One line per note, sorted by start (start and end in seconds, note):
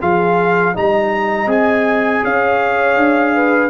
0.00 0.75 F3
0.00 0.74 F4
0.00 0.74 G#4
0.00 0.75 F5
0.74 1.46 G3
0.74 1.47 D#4
0.74 2.23 D#5
0.74 1.50 A#5
1.46 2.20 C4
1.46 3.69 G#4
1.46 2.24 G#5
2.23 2.96 C#4
2.23 3.34 C#5
2.23 3.69 F5
2.96 3.69 D4
3.34 3.69 B4